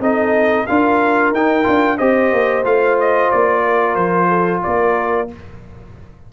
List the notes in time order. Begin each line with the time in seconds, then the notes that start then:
0.00 C4 D#4 A4 D#5
0.66 D4 F4 A#4 F5
1.32 D#4 G5
1.64 D4 F4
1.98 C4 G4 C5 D#5
2.33 A#3
2.65 A3 F4 F5
3.00 D#5
3.31 A#3 D5
3.65 A#4
3.95 F3 C5
4.29 A4
4.63 A#3 A#4 D5